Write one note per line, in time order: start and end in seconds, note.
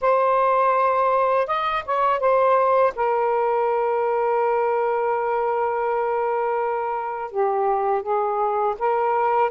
0.01 1.47 C5
1.47 1.83 D#5
1.85 2.20 C#5
2.20 2.93 C5
2.95 7.31 A#4
7.31 8.02 G4
8.02 8.75 G#4
8.78 9.50 A#4